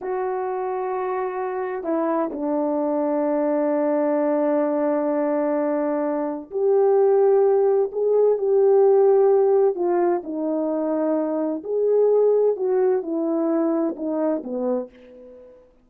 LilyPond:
\new Staff \with { instrumentName = "horn" } { \time 4/4 \tempo 4 = 129 fis'1 | e'4 d'2.~ | d'1~ | d'2 g'2~ |
g'4 gis'4 g'2~ | g'4 f'4 dis'2~ | dis'4 gis'2 fis'4 | e'2 dis'4 b4 | }